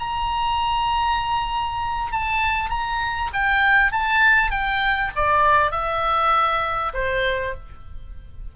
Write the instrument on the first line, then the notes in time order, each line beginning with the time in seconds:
oboe
0.00 A#5
2.12 A5
2.70 A#5
3.33 G5
3.92 A5
4.51 G5
5.16 D5
5.71 E5
6.94 C5